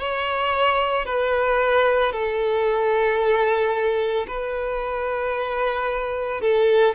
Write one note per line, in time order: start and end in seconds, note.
0.00 1.06 C#5
1.06 2.12 B4
2.12 4.27 A4
4.28 6.41 B4
6.41 6.95 A4